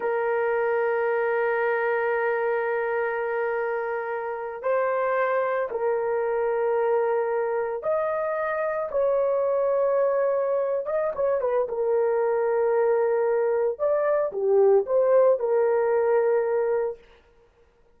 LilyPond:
\new Staff \with { instrumentName = "horn" } { \time 4/4 \tempo 4 = 113 ais'1~ | ais'1~ | ais'8. c''2 ais'4~ ais'16~ | ais'2~ ais'8. dis''4~ dis''16~ |
dis''8. cis''2.~ cis''16~ | cis''8 dis''8 cis''8 b'8 ais'2~ | ais'2 d''4 g'4 | c''4 ais'2. | }